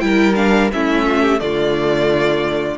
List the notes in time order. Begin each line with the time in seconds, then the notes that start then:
0.00 G3 E4 A#4 G5
0.36 D4 F5
0.73 A3 C#4 E4 E5
1.06 F4
1.22 G4
1.39 D3 A3 F4 D5